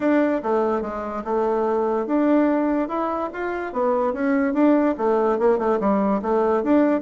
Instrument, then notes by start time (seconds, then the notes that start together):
bassoon
0.00 D4
0.43 A3
0.81 G#3
1.24 A3
2.06 D4
2.88 E4
3.33 F4
3.72 B3
4.13 C#4
4.53 D4
4.97 A3
5.38 A#3
5.58 A3
5.79 G3
6.22 A3
6.63 D4